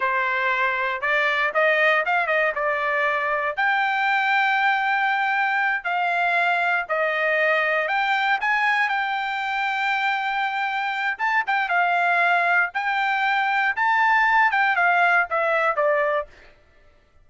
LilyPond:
\new Staff \with { instrumentName = "trumpet" } { \time 4/4 \tempo 4 = 118 c''2 d''4 dis''4 | f''8 dis''8 d''2 g''4~ | g''2.~ g''8 f''8~ | f''4. dis''2 g''8~ |
g''8 gis''4 g''2~ g''8~ | g''2 a''8 g''8 f''4~ | f''4 g''2 a''4~ | a''8 g''8 f''4 e''4 d''4 | }